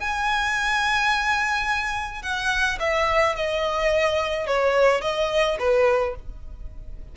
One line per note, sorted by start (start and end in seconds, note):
0.00 2.22 G#5
2.22 2.78 F#5
2.80 3.36 E5
3.36 4.47 D#5
4.47 5.01 C#5
5.01 5.57 D#5
5.59 6.15 B4